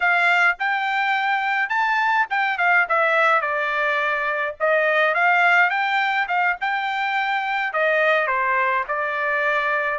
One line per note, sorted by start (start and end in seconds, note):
0.00 0.57 F5
0.59 1.69 G5
1.69 2.26 A5
2.29 2.58 G5
2.58 2.86 F5
2.88 3.41 E5
3.41 4.55 D5
4.60 5.14 D#5
5.14 5.70 F5
5.70 6.27 G5
6.28 6.56 F5
6.60 7.73 G5
7.73 8.27 D#5
8.27 8.84 C5
8.88 9.98 D5